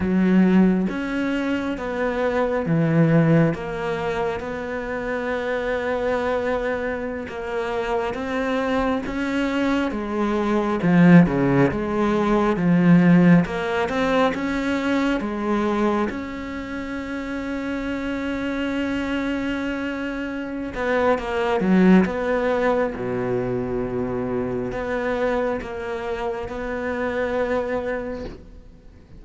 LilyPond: \new Staff \with { instrumentName = "cello" } { \time 4/4 \tempo 4 = 68 fis4 cis'4 b4 e4 | ais4 b2.~ | b16 ais4 c'4 cis'4 gis8.~ | gis16 f8 cis8 gis4 f4 ais8 c'16~ |
c'16 cis'4 gis4 cis'4.~ cis'16~ | cis'2.~ cis'8 b8 | ais8 fis8 b4 b,2 | b4 ais4 b2 | }